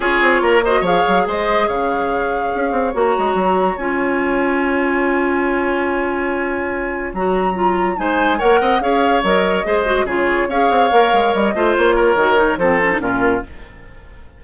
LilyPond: <<
  \new Staff \with { instrumentName = "flute" } { \time 4/4 \tempo 4 = 143 cis''4. dis''8 f''4 dis''4 | f''2. ais''4~ | ais''4 gis''2.~ | gis''1~ |
gis''4 ais''2 gis''4 | fis''4 f''4 dis''2 | cis''4 f''2 dis''4 | cis''2 c''4 ais'4 | }
  \new Staff \with { instrumentName = "oboe" } { \time 4/4 gis'4 ais'8 c''8 cis''4 c''4 | cis''1~ | cis''1~ | cis''1~ |
cis''2. c''4 | cis''8 dis''8 cis''2 c''4 | gis'4 cis''2~ cis''8 c''8~ | c''8 ais'4. a'4 f'4 | }
  \new Staff \with { instrumentName = "clarinet" } { \time 4/4 f'4. fis'8 gis'2~ | gis'2. fis'4~ | fis'4 f'2.~ | f'1~ |
f'4 fis'4 f'4 dis'4 | ais'4 gis'4 ais'4 gis'8 fis'8 | f'4 gis'4 ais'4. f'8~ | f'4 fis'8 dis'8 c'8 cis'16 dis'16 cis'4 | }
  \new Staff \with { instrumentName = "bassoon" } { \time 4/4 cis'8 c'8 ais4 f8 fis8 gis4 | cis2 cis'8 c'8 ais8 gis8 | fis4 cis'2.~ | cis'1~ |
cis'4 fis2 gis4 | ais8 c'8 cis'4 fis4 gis4 | cis4 cis'8 c'8 ais8 gis8 g8 a8 | ais4 dis4 f4 ais,4 | }
>>